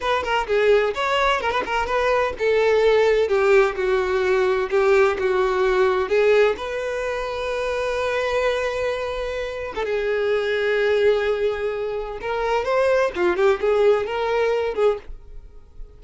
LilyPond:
\new Staff \with { instrumentName = "violin" } { \time 4/4 \tempo 4 = 128 b'8 ais'8 gis'4 cis''4 ais'16 b'16 ais'8 | b'4 a'2 g'4 | fis'2 g'4 fis'4~ | fis'4 gis'4 b'2~ |
b'1~ | b'8. a'16 gis'2.~ | gis'2 ais'4 c''4 | f'8 g'8 gis'4 ais'4. gis'8 | }